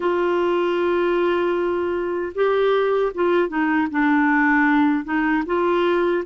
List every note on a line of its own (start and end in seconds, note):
0.00 2.32 F4
2.34 3.12 G4
3.14 3.48 F4
3.48 3.87 D#4
3.90 5.04 D4
5.04 5.43 D#4
5.45 6.23 F4